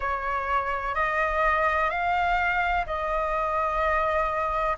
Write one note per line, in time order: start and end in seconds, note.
0.00 0.94 C#5
0.94 1.90 D#5
1.90 2.85 F5
2.86 4.76 D#5